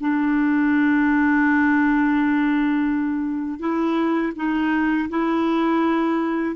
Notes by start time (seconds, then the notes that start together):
0.00 D4
3.59 E4
4.35 D#4
5.09 E4